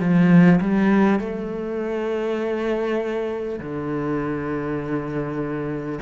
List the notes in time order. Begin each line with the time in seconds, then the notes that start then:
0.00 F3
0.61 G3
1.19 A3
3.59 D3